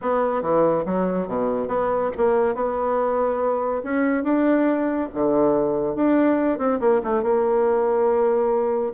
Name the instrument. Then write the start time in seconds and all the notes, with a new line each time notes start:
bassoon
0.01 B3
0.42 E3
0.85 F#3
1.27 B2
1.68 B3
2.17 A#3
2.54 B3
3.83 C#4
4.23 D4
5.14 D3
5.95 D4
6.58 C4
6.79 A#3
7.03 A3
7.22 A#3